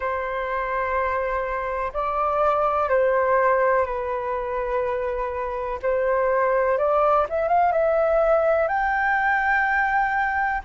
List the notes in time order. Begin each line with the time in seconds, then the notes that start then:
0.00 C5
1.93 D5
2.89 C5
3.85 B4
5.82 C5
6.77 D5
7.28 E5
7.48 F5
7.72 E5
8.68 G5